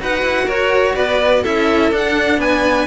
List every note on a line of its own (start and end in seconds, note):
0.00 0.22 D#4
0.00 1.44 F#4
0.00 0.45 B4
0.00 0.49 F#5
0.22 0.47 E4
0.45 0.96 F#4
0.45 0.93 A#4
0.45 0.96 C#5
0.96 1.44 B3
0.96 1.42 B4
0.96 1.44 D5
1.42 1.92 C#4
1.42 1.92 E4
1.42 2.39 A4
1.42 1.94 E5
1.92 2.37 D4
1.92 2.87 D4
1.92 2.41 F#5
2.37 2.86 B3
2.37 2.87 B4
2.37 2.87 G#5